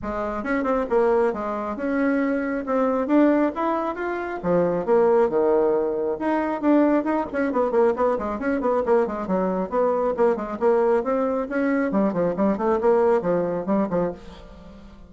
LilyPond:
\new Staff \with { instrumentName = "bassoon" } { \time 4/4 \tempo 4 = 136 gis4 cis'8 c'8 ais4 gis4 | cis'2 c'4 d'4 | e'4 f'4 f4 ais4 | dis2 dis'4 d'4 |
dis'8 cis'8 b8 ais8 b8 gis8 cis'8 b8 | ais8 gis8 fis4 b4 ais8 gis8 | ais4 c'4 cis'4 g8 f8 | g8 a8 ais4 f4 g8 f8 | }